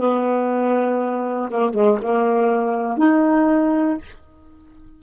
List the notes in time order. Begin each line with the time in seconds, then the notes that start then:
0.00 B3
1.51 A#3
1.75 G#3
2.02 A#3
2.98 D#4